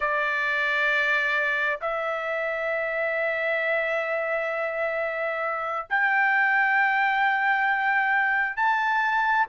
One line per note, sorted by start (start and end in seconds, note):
0.00 1.80 D5
1.81 5.87 E5
5.89 8.56 G5
8.56 9.46 A5